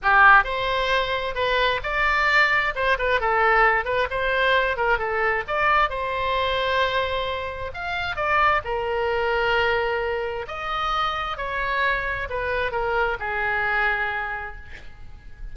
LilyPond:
\new Staff \with { instrumentName = "oboe" } { \time 4/4 \tempo 4 = 132 g'4 c''2 b'4 | d''2 c''8 b'8 a'4~ | a'8 b'8 c''4. ais'8 a'4 | d''4 c''2.~ |
c''4 f''4 d''4 ais'4~ | ais'2. dis''4~ | dis''4 cis''2 b'4 | ais'4 gis'2. | }